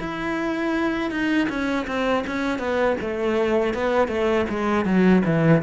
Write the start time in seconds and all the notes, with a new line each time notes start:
0.00 E4
1.11 D#4
1.49 C#4
1.87 C4
2.27 C#4
2.59 B3
3.01 A3
3.74 B3
4.08 A3
4.50 G#3
4.85 F#3
5.25 E3